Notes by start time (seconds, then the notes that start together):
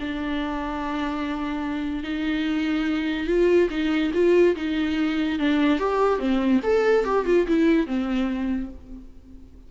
0.00 D4
2.04 D#4
3.27 F4
3.70 D#4
4.14 F4
4.56 D#4
5.39 D4
5.79 G4
6.19 C4
6.63 A4
7.05 G4
7.26 F4
7.47 E4
7.87 C4